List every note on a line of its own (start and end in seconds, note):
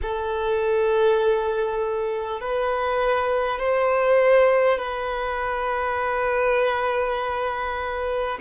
0.02 2.41 A4
2.41 3.59 B4
3.59 4.78 C5
4.78 8.38 B4